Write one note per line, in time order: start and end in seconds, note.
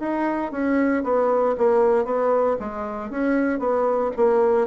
0.00 0.52 D#4
0.52 1.03 C#4
1.04 1.56 B3
1.58 2.05 A#3
2.05 2.57 B3
2.60 3.11 G#3
3.11 3.59 C#4
3.59 4.11 B3
4.17 4.67 A#3